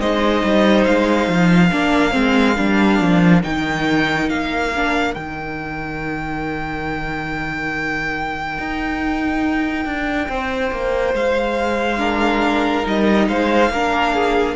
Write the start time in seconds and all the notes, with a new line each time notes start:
0.00 G#3 D#4 C5 D#5
0.44 G3
0.85 G#3 F5
1.29 F3
1.69 A#3 D4 A#4
2.11 G#3 C4
2.57 G3 D4
3.01 F3
3.43 D#3 D#4 G5
4.30 A#3 F5
4.76 D4
5.15 D#3 D#4 G5
8.59 D#4
9.86 D4
10.29 C4 C5
10.72 A#3
11.14 G#3 F5
11.98 D4 A#4
12.84 G3 D#4 D#5
13.28 G#3 C5 F5
13.71 A#3 D4 A#4
14.15 G#4